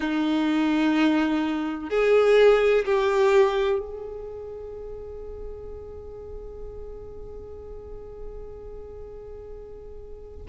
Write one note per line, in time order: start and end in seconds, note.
0.00 1.89 D#4
1.89 2.84 G#4
2.85 3.79 G4
3.79 10.45 G#4